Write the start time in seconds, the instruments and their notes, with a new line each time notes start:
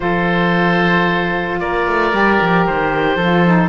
0.00 cello F3, saxophone F4, oboe A4 C5
1.59 cello A#3, oboe A#4 D5
1.86 cello A3
2.12 cello G3, saxophone G4
2.41 cello F3
2.66 cello D#3, oboe C5
3.16 cello F3, saxophone F4, oboe A4
3.46 saxophone D#4